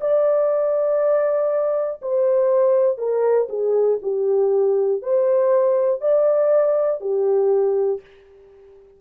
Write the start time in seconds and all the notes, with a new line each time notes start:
0.00 D5
2.01 C5
2.98 A#4
3.49 G#4
4.02 G4
5.02 C5
6.00 D5
7.00 G4